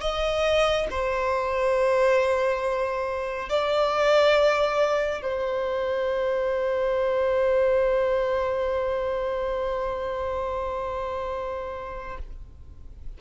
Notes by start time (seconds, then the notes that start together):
0.00 D#5
0.90 C5
3.49 D5
5.22 C5